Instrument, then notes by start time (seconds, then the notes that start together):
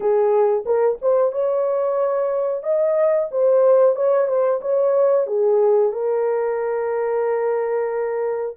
horn
0.00 G#4
0.65 A#4
1.01 C5
1.32 C#5
2.63 D#5
3.31 C5
3.95 C#5
4.27 C5
4.61 C#5
5.27 G#4
5.92 A#4